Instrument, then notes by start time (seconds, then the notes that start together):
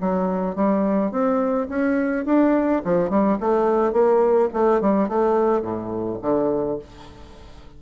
bassoon
0.00 F#3
0.55 G3
1.11 C4
1.69 C#4
2.25 D4
2.84 F3
3.09 G3
3.40 A3
3.92 A#3
4.53 A3
4.81 G3
5.09 A3
5.61 A2
6.22 D3